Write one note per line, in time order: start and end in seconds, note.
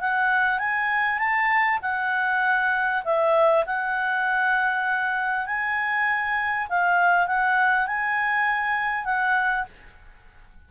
0.00 0.58 F#5
0.58 1.18 G#5
1.18 1.79 A5
1.82 3.03 F#5
3.04 3.64 E5
3.66 5.46 F#5
5.46 6.67 G#5
6.69 7.26 F5
7.26 7.86 F#5
7.86 9.04 G#5
9.04 9.65 F#5